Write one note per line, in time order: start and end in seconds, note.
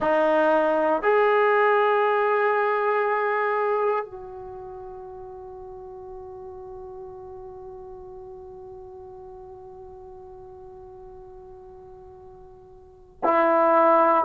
0.00 1.02 D#4
1.02 4.05 G#4
4.05 13.20 F#4
13.23 14.24 E4